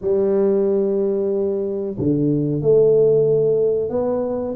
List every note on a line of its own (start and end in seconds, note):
0.01 1.97 G3
1.98 2.61 D3
2.61 3.89 A3
3.89 4.54 B3